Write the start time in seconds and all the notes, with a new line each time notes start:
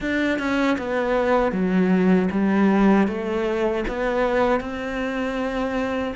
0.00 D4
0.38 C#4
0.78 B3
1.52 F#3
2.31 G3
3.07 A3
3.88 B3
4.60 C4